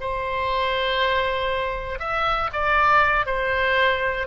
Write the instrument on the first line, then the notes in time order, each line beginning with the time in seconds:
oboe
0.00 C5
1.99 E5
2.52 D5
3.26 C5